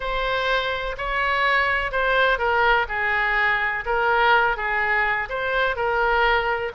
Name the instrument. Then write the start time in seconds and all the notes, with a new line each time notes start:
oboe
0.00 C5
0.97 C#5
1.91 C5
2.38 A#4
2.88 G#4
3.85 A#4
4.56 G#4
5.29 C5
5.76 A#4